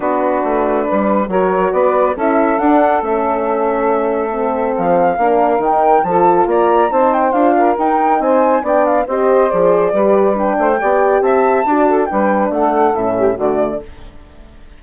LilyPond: <<
  \new Staff \with { instrumentName = "flute" } { \time 4/4 \tempo 4 = 139 b'2. cis''4 | d''4 e''4 fis''4 e''4~ | e''2. f''4~ | f''4 g''4 a''4 ais''4 |
a''8 g''8 f''4 g''4 gis''4 | g''8 f''8 dis''4 d''2 | g''2 a''2 | g''4 fis''4 e''4 d''4 | }
  \new Staff \with { instrumentName = "saxophone" } { \time 4/4 fis'2 b'4 ais'4 | b'4 a'2.~ | a'1 | ais'2 a'4 d''4 |
c''4. ais'4. c''4 | d''4 c''2 b'4~ | b'8 c''8 d''4 e''4 d''8 a'8 | b'4 a'4. g'8 fis'4 | }
  \new Staff \with { instrumentName = "horn" } { \time 4/4 d'2. fis'4~ | fis'4 e'4 d'4 cis'4~ | cis'2 c'2 | d'4 dis'4 f'2 |
dis'4 f'4 dis'2 | d'4 g'4 gis'4 g'4 | d'4 g'2 fis'4 | d'2 cis'4 a4 | }
  \new Staff \with { instrumentName = "bassoon" } { \time 4/4 b4 a4 g4 fis4 | b4 cis'4 d'4 a4~ | a2. f4 | ais4 dis4 f4 ais4 |
c'4 d'4 dis'4 c'4 | b4 c'4 f4 g4~ | g8 a8 b4 c'4 d'4 | g4 a4 a,4 d4 | }
>>